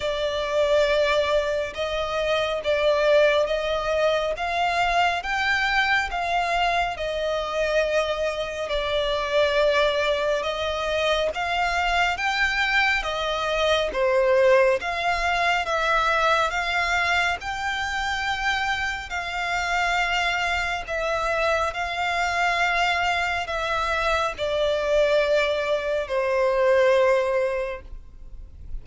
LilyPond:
\new Staff \with { instrumentName = "violin" } { \time 4/4 \tempo 4 = 69 d''2 dis''4 d''4 | dis''4 f''4 g''4 f''4 | dis''2 d''2 | dis''4 f''4 g''4 dis''4 |
c''4 f''4 e''4 f''4 | g''2 f''2 | e''4 f''2 e''4 | d''2 c''2 | }